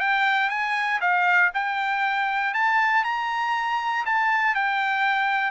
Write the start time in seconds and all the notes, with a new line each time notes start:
0.00 G5
0.50 G#5
1.01 F5
1.54 G5
2.54 A5
3.04 A#5
4.06 A5
4.55 G5